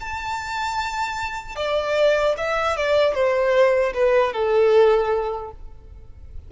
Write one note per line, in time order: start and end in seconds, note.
0.00 1.56 A5
1.56 2.35 D5
2.37 2.76 E5
2.76 3.14 D5
3.14 3.93 C5
3.94 4.33 B4
4.33 5.51 A4